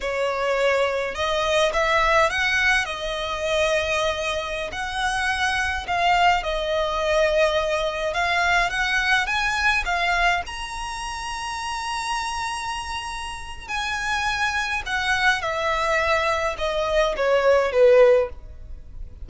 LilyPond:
\new Staff \with { instrumentName = "violin" } { \time 4/4 \tempo 4 = 105 cis''2 dis''4 e''4 | fis''4 dis''2.~ | dis''16 fis''2 f''4 dis''8.~ | dis''2~ dis''16 f''4 fis''8.~ |
fis''16 gis''4 f''4 ais''4.~ ais''16~ | ais''1 | gis''2 fis''4 e''4~ | e''4 dis''4 cis''4 b'4 | }